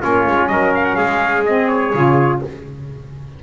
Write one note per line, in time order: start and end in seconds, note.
0.00 0.27 A#3
0.00 1.44 C#4
0.00 0.49 F4
0.00 0.48 C#5
0.27 0.49 G#3
0.48 0.97 F#3
0.48 0.97 A#4
0.48 0.72 D#5
0.75 0.84 F5
0.84 0.95 F#5
0.95 1.94 G#3
0.95 2.41 G#4
0.95 1.43 F5
1.45 1.94 C4
1.45 1.68 D#5
1.68 2.40 C#5
1.94 2.42 C#3
1.94 2.42 F4